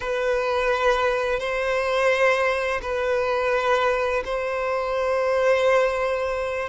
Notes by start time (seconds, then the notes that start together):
0.00 B4
1.39 C5
2.82 B4
4.24 C5